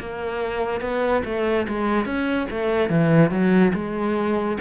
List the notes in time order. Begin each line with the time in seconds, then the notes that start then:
0.00 A#3
0.81 B3
1.25 A3
1.68 G#3
2.06 C#4
2.51 A3
2.90 E3
3.31 F#3
3.75 G#3